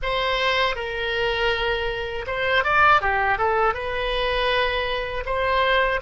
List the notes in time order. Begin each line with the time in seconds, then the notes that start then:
0.02 C5
0.75 A#4
2.27 C5
2.64 D5
3.01 G4
3.38 A4
3.73 B4
5.25 C5